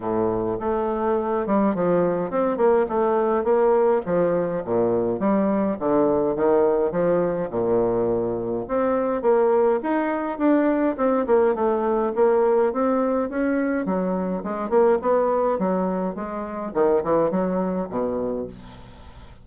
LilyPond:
\new Staff \with { instrumentName = "bassoon" } { \time 4/4 \tempo 4 = 104 a,4 a4. g8 f4 | c'8 ais8 a4 ais4 f4 | ais,4 g4 d4 dis4 | f4 ais,2 c'4 |
ais4 dis'4 d'4 c'8 ais8 | a4 ais4 c'4 cis'4 | fis4 gis8 ais8 b4 fis4 | gis4 dis8 e8 fis4 b,4 | }